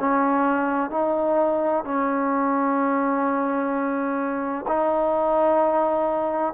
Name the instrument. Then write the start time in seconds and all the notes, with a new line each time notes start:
trombone
0.00 C#4
0.91 D#4
1.85 C#4
4.68 D#4